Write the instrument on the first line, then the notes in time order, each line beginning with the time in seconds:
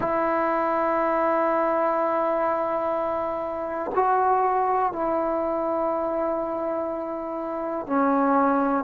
trombone
0.00 E4
3.94 F#4
4.92 E4
7.86 C#4